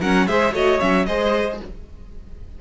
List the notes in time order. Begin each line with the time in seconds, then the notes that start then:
0.00 F#3 C#4 A#4 F#5
0.27 G#3 G#4 C5 E5
0.53 A3 F#4 C#5 D#5
0.80 F#3 C#4 E5
1.06 G#3 G#4 C5 D#5